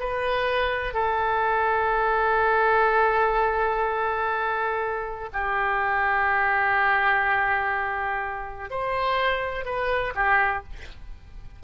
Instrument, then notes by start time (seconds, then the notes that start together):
oboe
0.00 B4
0.94 A4
5.33 G4
8.71 C5
9.65 B4
10.15 G4